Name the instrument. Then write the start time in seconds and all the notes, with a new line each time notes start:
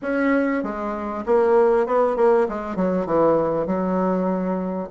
bassoon
0.02 C#4
0.63 G#3
1.26 A#3
1.86 B3
2.16 A#3
2.49 G#3
2.76 F#3
3.06 E3
3.66 F#3